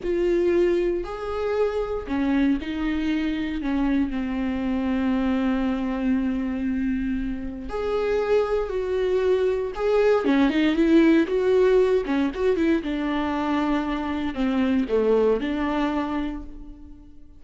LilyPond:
\new Staff \with { instrumentName = "viola" } { \time 4/4 \tempo 4 = 117 f'2 gis'2 | cis'4 dis'2 cis'4 | c'1~ | c'2. gis'4~ |
gis'4 fis'2 gis'4 | cis'8 dis'8 e'4 fis'4. cis'8 | fis'8 e'8 d'2. | c'4 a4 d'2 | }